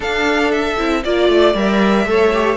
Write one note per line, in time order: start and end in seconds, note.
0.00 0.75 D4
0.00 0.77 D4
0.00 1.03 A4
0.00 0.51 F5
0.51 1.03 E5
0.77 1.04 C4
0.77 1.03 E4
1.04 1.28 A#3
1.04 1.55 F4
1.04 1.56 D5
1.04 2.07 D5
1.28 1.54 A3
1.54 2.06 G3
1.54 2.06 A#4
1.54 2.56 E5
2.06 2.56 A3
2.06 2.32 A4
2.06 2.56 C#5
2.33 2.56 G4